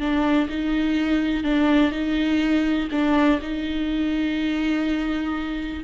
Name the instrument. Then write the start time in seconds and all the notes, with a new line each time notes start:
viola
0.00 D4
0.49 D#4
1.44 D4
1.92 D#4
2.92 D4
3.42 D#4